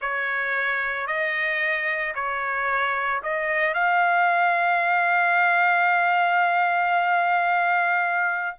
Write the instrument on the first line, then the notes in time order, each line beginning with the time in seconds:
trumpet
0.01 C#5
1.06 D#5
2.15 C#5
3.22 D#5
3.74 F5